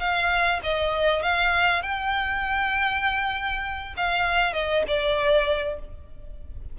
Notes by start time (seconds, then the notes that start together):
0.00 F5
0.63 D#5
1.23 F5
1.83 G5
3.97 F5
4.53 D#5
4.88 D5